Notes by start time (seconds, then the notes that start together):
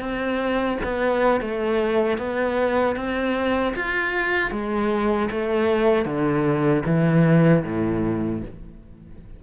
0.00 C4
0.84 B3
1.40 A3
2.18 B3
2.95 C4
3.75 F4
4.51 G#3
5.31 A3
6.05 D3
6.85 E3
7.64 A2